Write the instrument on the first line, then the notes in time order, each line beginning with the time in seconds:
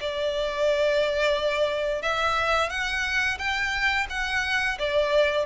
violin
0.00 D5
2.01 E5
2.69 F#5
3.38 G5
4.09 F#5
4.78 D5